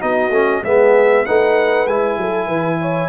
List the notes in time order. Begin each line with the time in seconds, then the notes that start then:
0.00 B3 D#4 F#4 D#5
0.30 A3 C#4
0.63 G#3 B3 G#4 E5
1.25 A3 D#4 B4 F#5
1.87 G#3 E4 G#5
2.17 F#3 A4
2.47 E3 B4
2.81 C#5